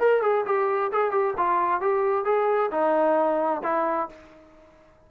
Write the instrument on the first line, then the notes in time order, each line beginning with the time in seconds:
trombone
0.00 A#4
0.22 G#4
0.46 G4
0.92 G#4
1.12 G4
1.38 F4
1.81 G4
2.25 G#4
2.72 D#4
3.64 E4